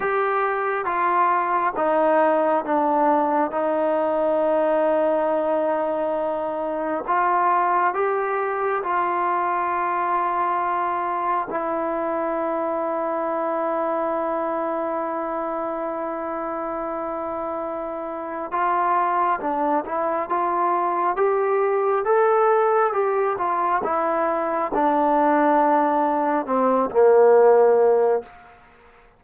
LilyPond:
\new Staff \with { instrumentName = "trombone" } { \time 4/4 \tempo 4 = 68 g'4 f'4 dis'4 d'4 | dis'1 | f'4 g'4 f'2~ | f'4 e'2.~ |
e'1~ | e'4 f'4 d'8 e'8 f'4 | g'4 a'4 g'8 f'8 e'4 | d'2 c'8 ais4. | }